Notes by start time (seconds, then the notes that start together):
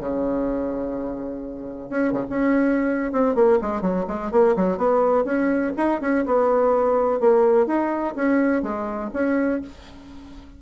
0.00 C#3
1.90 C#4
2.13 C#3
2.30 C#4
3.12 C4
3.36 A#3
3.62 G#3
3.82 F#3
4.08 G#3
4.32 A#3
4.57 F#3
4.78 B3
5.25 C#4
5.78 D#4
6.02 C#4
6.26 B3
7.20 A#3
7.67 D#4
8.16 C#4
8.63 G#3
9.14 C#4